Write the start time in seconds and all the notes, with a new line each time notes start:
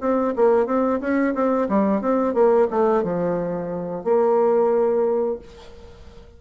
0.00 C4
0.36 A#3
0.66 C4
1.00 C#4
1.34 C4
1.69 G3
2.01 C4
2.34 A#3
2.70 A3
3.03 F3
4.04 A#3